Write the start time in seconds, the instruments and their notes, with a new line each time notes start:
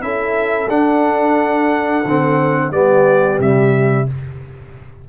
0.00 tuba C#4, trombone E4, horn A4, trumpet E5
0.69 tuba D4, trombone D4, trumpet F#5
2.04 tuba D3, trombone C4
2.71 tuba G3, trombone B3, horn G4, trumpet D5
3.39 tuba C3, trombone G3, trumpet E5